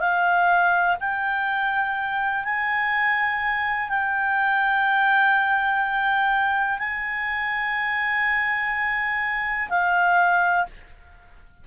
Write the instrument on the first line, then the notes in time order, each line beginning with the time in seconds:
clarinet
0.00 F5
1.00 G5
2.45 G#5
3.90 G5
6.79 G#5
9.70 F5